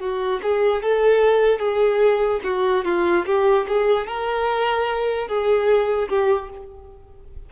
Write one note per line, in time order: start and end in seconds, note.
0.00 0.41 F#4
0.43 0.83 G#4
0.83 1.60 A4
1.60 2.41 G#4
2.44 2.85 F#4
2.85 3.26 F4
3.26 3.67 G4
3.69 4.07 G#4
4.07 5.28 A#4
5.28 6.09 G#4
6.10 6.50 G4